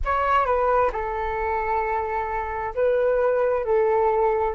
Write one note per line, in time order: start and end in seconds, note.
0.05 0.45 C#5
0.45 0.90 B4
0.92 2.74 A4
2.74 3.64 B4
3.64 4.54 A4